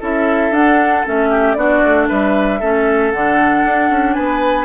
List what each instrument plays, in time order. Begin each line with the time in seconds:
0.00 bassoon C#4, clarinet E4, oboe A4, flute E5
0.51 bassoon D4, clarinet D4, flute F#5
1.05 bassoon A3, clarinet C#4, flute E5
1.30 oboe G4
1.54 bassoon B3, clarinet D4, oboe F#4, flute D5
1.83 bassoon A3
2.08 bassoon G3, oboe B4, flute E5
2.60 bassoon A3, clarinet C#4, oboe A4
3.11 bassoon D3, clarinet D4, flute F#5
3.65 bassoon D4
3.90 bassoon C#4
4.14 bassoon B3, oboe B4, flute G#5